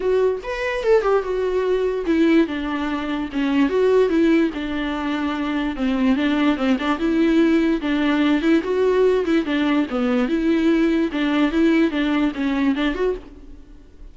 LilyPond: \new Staff \with { instrumentName = "viola" } { \time 4/4 \tempo 4 = 146 fis'4 b'4 a'8 g'8 fis'4~ | fis'4 e'4 d'2 | cis'4 fis'4 e'4 d'4~ | d'2 c'4 d'4 |
c'8 d'8 e'2 d'4~ | d'8 e'8 fis'4. e'8 d'4 | b4 e'2 d'4 | e'4 d'4 cis'4 d'8 fis'8 | }